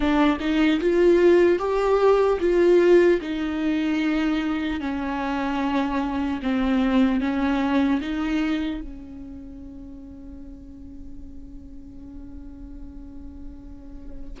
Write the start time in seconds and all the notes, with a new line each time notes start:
0.00 D4
0.40 D#4
0.80 F4
1.58 G4
2.40 F4
3.21 D#4
4.80 C#4
6.42 C4
7.20 C#4
8.01 D#4
8.80 C#4